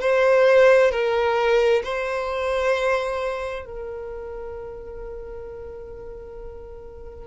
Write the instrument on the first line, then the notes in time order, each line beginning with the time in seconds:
violin
0.00 C5
0.91 A#4
1.83 C5
3.65 A#4